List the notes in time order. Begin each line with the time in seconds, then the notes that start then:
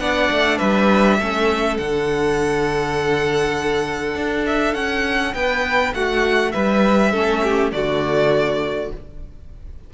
0.00 B3 D4 D5 F#5
0.31 A3
0.58 G3 B4 E5
1.19 A3 C#4 A4
1.78 D3 D4 F#5
4.16 D4
4.47 E5
4.75 C#4 F#5
5.34 B3 B4 G5
5.94 A3 F#4 F#5
6.52 G3 B4 E5
7.12 A3 C#4 A4
7.44 G4
7.72 D3 A3 F#4 D5